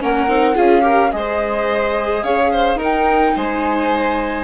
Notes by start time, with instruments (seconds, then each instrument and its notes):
0.00 bassoon A#3, viola C#4, violin A#4, flute F#5
0.28 bassoon C4, viola D#4
0.55 bassoon C#4, viola F4, violin G#4, flute F5
0.82 viola G4, violin A#4
1.12 bassoon G#3, viola G#4, violin C5, flute D#5
2.23 bassoon C#4, violin C#5, flute F5
2.52 violin C5
2.76 bassoon D#4, violin A#4
2.82 viola D#4, flute G5
3.36 bassoon G#3, violin C5, flute G#5